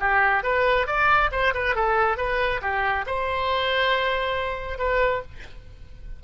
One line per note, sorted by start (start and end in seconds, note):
0.00 0.43 G4
0.44 0.87 B4
0.87 1.31 D5
1.32 1.54 C5
1.54 1.75 B4
1.75 2.18 A4
2.18 2.61 B4
2.62 3.06 G4
3.07 4.79 C5
4.79 5.23 B4